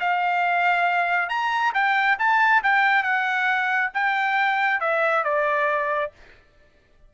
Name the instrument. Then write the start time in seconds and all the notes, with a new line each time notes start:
trumpet
0.00 F5
1.29 A#5
1.74 G5
2.19 A5
2.63 G5
3.03 F#5
3.94 G5
4.81 E5
5.24 D5